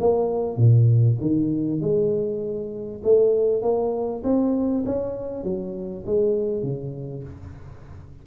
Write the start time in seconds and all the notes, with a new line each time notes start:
0.00 A#3
0.57 A#2
1.21 D#3
1.81 G#3
3.03 A3
3.62 A#3
4.23 C4
4.86 C#4
5.44 F#3
6.06 G#3
6.63 C#3